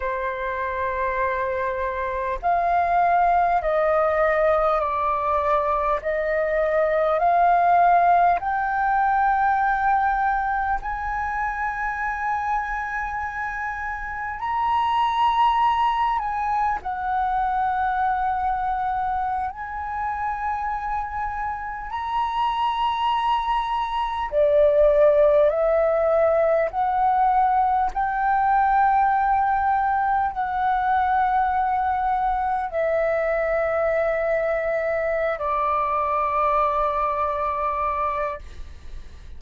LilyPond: \new Staff \with { instrumentName = "flute" } { \time 4/4 \tempo 4 = 50 c''2 f''4 dis''4 | d''4 dis''4 f''4 g''4~ | g''4 gis''2. | ais''4. gis''8 fis''2~ |
fis''16 gis''2 ais''4.~ ais''16~ | ais''16 d''4 e''4 fis''4 g''8.~ | g''4~ g''16 fis''2 e''8.~ | e''4. d''2~ d''8 | }